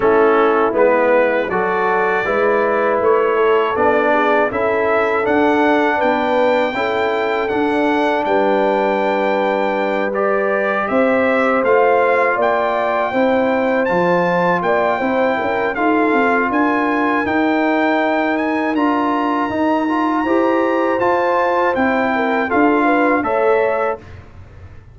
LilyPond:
<<
  \new Staff \with { instrumentName = "trumpet" } { \time 4/4 \tempo 4 = 80 a'4 b'4 d''2 | cis''4 d''4 e''4 fis''4 | g''2 fis''4 g''4~ | g''4. d''4 e''4 f''8~ |
f''8 g''2 a''4 g''8~ | g''4 f''4 gis''4 g''4~ | g''8 gis''8 ais''2. | a''4 g''4 f''4 e''4 | }
  \new Staff \with { instrumentName = "horn" } { \time 4/4 e'2 a'4 b'4~ | b'8 a'4 gis'8 a'2 | b'4 a'2 b'4~ | b'2~ b'8 c''4.~ |
c''8 d''4 c''2 d''8 | c''8 ais'8 a'4 ais'2~ | ais'2. c''4~ | c''4. ais'8 a'8 b'8 cis''4 | }
  \new Staff \with { instrumentName = "trombone" } { \time 4/4 cis'4 b4 fis'4 e'4~ | e'4 d'4 e'4 d'4~ | d'4 e'4 d'2~ | d'4. g'2 f'8~ |
f'4. e'4 f'4. | e'4 f'2 dis'4~ | dis'4 f'4 dis'8 f'8 g'4 | f'4 e'4 f'4 a'4 | }
  \new Staff \with { instrumentName = "tuba" } { \time 4/4 a4 gis4 fis4 gis4 | a4 b4 cis'4 d'4 | b4 cis'4 d'4 g4~ | g2~ g8 c'4 a8~ |
a8 ais4 c'4 f4 ais8 | c'8 cis'8 dis'8 c'8 d'4 dis'4~ | dis'4 d'4 dis'4 e'4 | f'4 c'4 d'4 a4 | }
>>